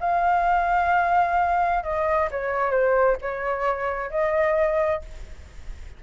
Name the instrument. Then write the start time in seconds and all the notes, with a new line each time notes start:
flute
0.00 F5
1.83 D#5
2.31 C#5
2.71 C5
3.21 C#5
4.10 D#5